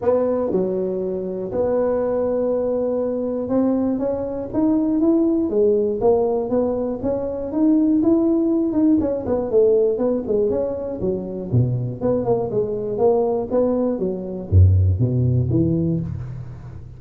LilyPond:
\new Staff \with { instrumentName = "tuba" } { \time 4/4 \tempo 4 = 120 b4 fis2 b4~ | b2. c'4 | cis'4 dis'4 e'4 gis4 | ais4 b4 cis'4 dis'4 |
e'4. dis'8 cis'8 b8 a4 | b8 gis8 cis'4 fis4 b,4 | b8 ais8 gis4 ais4 b4 | fis4 fis,4 b,4 e4 | }